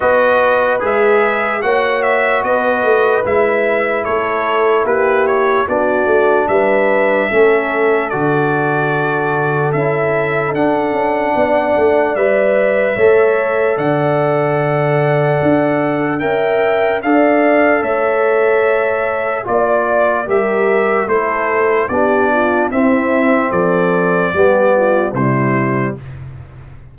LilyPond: <<
  \new Staff \with { instrumentName = "trumpet" } { \time 4/4 \tempo 4 = 74 dis''4 e''4 fis''8 e''8 dis''4 | e''4 cis''4 b'8 cis''8 d''4 | e''2 d''2 | e''4 fis''2 e''4~ |
e''4 fis''2. | g''4 f''4 e''2 | d''4 e''4 c''4 d''4 | e''4 d''2 c''4 | }
  \new Staff \with { instrumentName = "horn" } { \time 4/4 b'2 cis''4 b'4~ | b'4 a'4 g'4 fis'4 | b'4 a'2.~ | a'2 d''2 |
cis''4 d''2. | e''4 d''4 cis''2 | d''4 ais'4 a'4 g'8 f'8 | e'4 a'4 g'8 f'8 e'4 | }
  \new Staff \with { instrumentName = "trombone" } { \time 4/4 fis'4 gis'4 fis'2 | e'2. d'4~ | d'4 cis'4 fis'2 | e'4 d'2 b'4 |
a'1 | ais'4 a'2. | f'4 g'4 e'4 d'4 | c'2 b4 g4 | }
  \new Staff \with { instrumentName = "tuba" } { \time 4/4 b4 gis4 ais4 b8 a8 | gis4 a4 ais4 b8 a8 | g4 a4 d2 | cis'4 d'8 cis'8 b8 a8 g4 |
a4 d2 d'4 | cis'4 d'4 a2 | ais4 g4 a4 b4 | c'4 f4 g4 c4 | }
>>